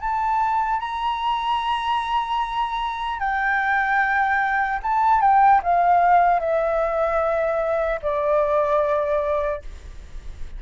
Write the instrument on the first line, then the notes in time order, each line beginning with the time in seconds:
flute
0.00 A5
0.79 A#5
3.19 G5
4.82 A5
5.21 G5
5.63 F5
6.40 E5
8.02 D5